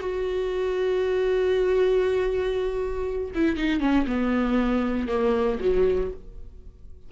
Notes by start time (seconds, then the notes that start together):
0.00 F#4
3.34 E4
3.56 D#4
3.80 C#4
4.06 B3
5.07 A#3
5.60 F#3